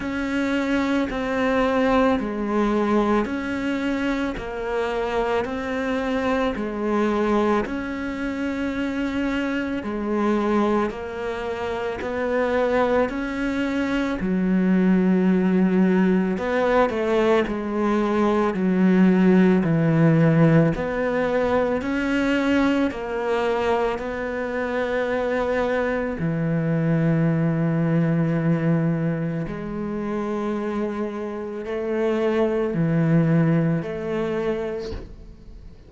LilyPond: \new Staff \with { instrumentName = "cello" } { \time 4/4 \tempo 4 = 55 cis'4 c'4 gis4 cis'4 | ais4 c'4 gis4 cis'4~ | cis'4 gis4 ais4 b4 | cis'4 fis2 b8 a8 |
gis4 fis4 e4 b4 | cis'4 ais4 b2 | e2. gis4~ | gis4 a4 e4 a4 | }